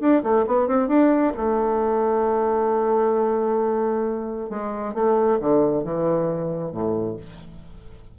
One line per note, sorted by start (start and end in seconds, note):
0.00 0.22 D4
0.23 0.46 A3
0.47 0.68 B3
0.68 0.88 C4
0.88 1.33 D4
1.37 4.49 A3
4.49 4.94 G#3
4.94 5.39 A3
5.40 5.84 D3
5.84 6.71 E3
6.71 7.16 A2